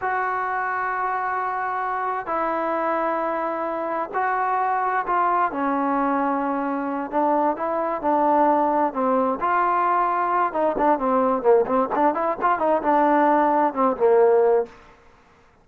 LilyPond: \new Staff \with { instrumentName = "trombone" } { \time 4/4 \tempo 4 = 131 fis'1~ | fis'4 e'2.~ | e'4 fis'2 f'4 | cis'2.~ cis'8 d'8~ |
d'8 e'4 d'2 c'8~ | c'8 f'2~ f'8 dis'8 d'8 | c'4 ais8 c'8 d'8 e'8 f'8 dis'8 | d'2 c'8 ais4. | }